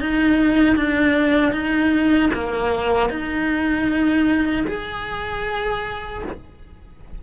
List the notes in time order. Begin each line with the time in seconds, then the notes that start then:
0.00 D#4
0.76 D4
1.52 D#4
2.34 A#3
3.10 D#4
4.67 G#4